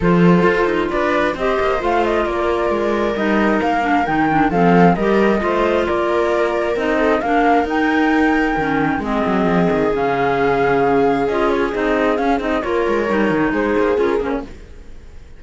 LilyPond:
<<
  \new Staff \with { instrumentName = "flute" } { \time 4/4 \tempo 4 = 133 c''2 d''4 dis''4 | f''8 dis''8 d''2 dis''4 | f''4 g''4 f''4 dis''4~ | dis''4 d''2 dis''4 |
f''4 g''2. | dis''2 f''2~ | f''4 dis''8 cis''8 dis''4 f''8 dis''8 | cis''2 c''4 ais'8 c''16 cis''16 | }
  \new Staff \with { instrumentName = "viola" } { \time 4/4 a'2 b'4 c''4~ | c''4 ais'2.~ | ais'2 a'4 ais'4 | c''4 ais'2~ ais'8 a'8 |
ais'1 | gis'1~ | gis'1 | ais'2 gis'2 | }
  \new Staff \with { instrumentName = "clarinet" } { \time 4/4 f'2. g'4 | f'2. dis'4~ | dis'8 d'8 dis'8 d'8 c'4 g'4 | f'2. dis'4 |
d'4 dis'2 cis'4 | c'2 cis'2~ | cis'4 f'4 dis'4 cis'8 dis'8 | f'4 dis'2 f'8 cis'8 | }
  \new Staff \with { instrumentName = "cello" } { \time 4/4 f4 f'8 dis'8 d'4 c'8 ais8 | a4 ais4 gis4 g4 | ais4 dis4 f4 g4 | a4 ais2 c'4 |
ais4 dis'2 dis4 | gis8 fis8 f8 dis8 cis2~ | cis4 cis'4 c'4 cis'8 c'8 | ais8 gis8 g8 dis8 gis8 ais8 cis'8 ais8 | }
>>